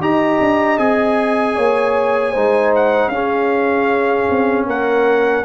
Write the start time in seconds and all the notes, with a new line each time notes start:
0.00 D#4 G4 D#5 A#5
0.40 D4
0.78 C4 G#4 G#5
1.56 A#3 C#5
2.32 G#3 D#4 C5
2.76 F#5
3.08 C#4 G#4 F5
4.30 C4
4.67 A#3 A#4 F#5